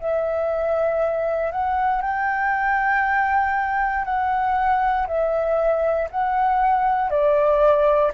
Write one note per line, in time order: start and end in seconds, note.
0.00 1.52 E5
1.52 2.02 F#5
2.02 4.05 G5
4.05 5.07 F#5
5.08 6.09 E5
6.11 7.10 F#5
7.10 8.12 D5